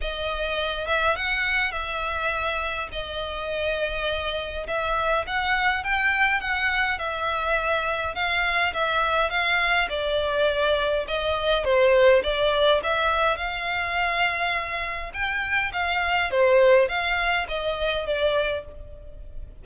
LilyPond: \new Staff \with { instrumentName = "violin" } { \time 4/4 \tempo 4 = 103 dis''4. e''8 fis''4 e''4~ | e''4 dis''2. | e''4 fis''4 g''4 fis''4 | e''2 f''4 e''4 |
f''4 d''2 dis''4 | c''4 d''4 e''4 f''4~ | f''2 g''4 f''4 | c''4 f''4 dis''4 d''4 | }